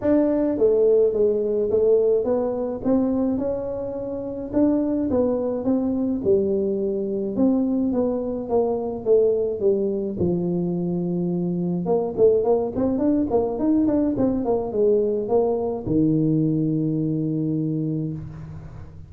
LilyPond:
\new Staff \with { instrumentName = "tuba" } { \time 4/4 \tempo 4 = 106 d'4 a4 gis4 a4 | b4 c'4 cis'2 | d'4 b4 c'4 g4~ | g4 c'4 b4 ais4 |
a4 g4 f2~ | f4 ais8 a8 ais8 c'8 d'8 ais8 | dis'8 d'8 c'8 ais8 gis4 ais4 | dis1 | }